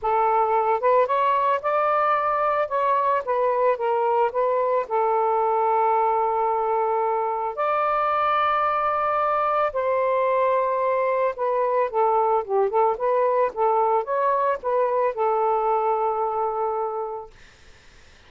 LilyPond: \new Staff \with { instrumentName = "saxophone" } { \time 4/4 \tempo 4 = 111 a'4. b'8 cis''4 d''4~ | d''4 cis''4 b'4 ais'4 | b'4 a'2.~ | a'2 d''2~ |
d''2 c''2~ | c''4 b'4 a'4 g'8 a'8 | b'4 a'4 cis''4 b'4 | a'1 | }